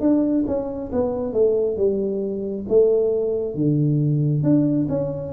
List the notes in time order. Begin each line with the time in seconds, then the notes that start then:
0.00 D4
0.47 C#4
0.92 B3
1.33 A3
1.77 G3
2.68 A3
3.55 D3
4.43 D4
4.89 C#4